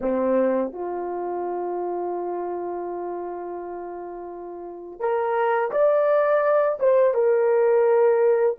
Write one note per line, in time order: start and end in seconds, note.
0.00 0.72 C4
0.72 4.99 F4
4.99 5.70 A#4
5.71 6.78 D5
6.79 7.14 C5
7.14 8.56 A#4